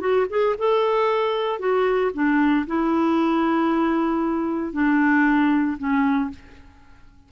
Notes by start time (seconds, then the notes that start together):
0.00 F#4
0.29 G#4
0.58 A4
1.59 F#4
2.14 D4
2.67 E4
4.73 D4
5.78 C#4